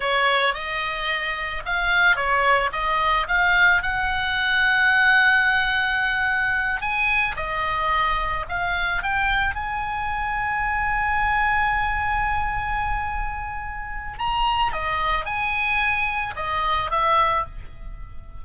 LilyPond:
\new Staff \with { instrumentName = "oboe" } { \time 4/4 \tempo 4 = 110 cis''4 dis''2 f''4 | cis''4 dis''4 f''4 fis''4~ | fis''1~ | fis''8 gis''4 dis''2 f''8~ |
f''8 g''4 gis''2~ gis''8~ | gis''1~ | gis''2 ais''4 dis''4 | gis''2 dis''4 e''4 | }